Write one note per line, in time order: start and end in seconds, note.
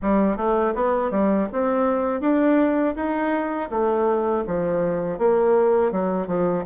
0.02 0.36 G3
0.36 0.73 A3
0.74 1.10 B3
1.10 1.47 G3
1.52 2.20 C4
2.20 2.94 D4
2.95 3.69 D#4
3.69 4.43 A3
4.46 5.18 F3
5.18 5.91 A#3
5.91 6.27 F#3
6.27 6.64 F3